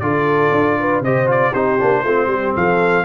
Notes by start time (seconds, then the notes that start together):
0.00 D3 F4 A4 D5
0.51 D4
0.80 B4
1.01 C3 G4 C5 D#5
1.27 F4 D5
1.52 C4 D#4 G4 C5
1.80 A#3 D4
2.04 A3 C4 F4
2.27 G3 G4
2.56 F3 A4 F5